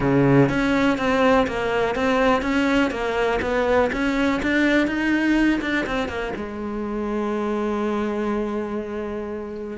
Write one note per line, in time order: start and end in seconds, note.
0.00 0.49 C#3
0.49 0.98 C#4
0.98 1.46 C4
1.47 1.95 A#3
1.95 2.41 C4
2.41 2.90 C#4
2.90 3.39 A#3
3.41 3.90 B3
3.92 4.41 C#4
4.42 4.87 D4
4.87 5.60 D#4
5.61 5.85 D4
5.86 6.08 C4
6.08 6.32 A#3
6.35 9.77 G#3